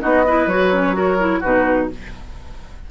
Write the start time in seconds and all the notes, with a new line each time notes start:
0.00 B3 D#4 F#4 D#5
0.27 E4 B4
0.46 F#3 F#4 C#5
0.72 C#4
0.93 F#4 A#4
1.19 E4
1.40 B2 D#4 F#4 B4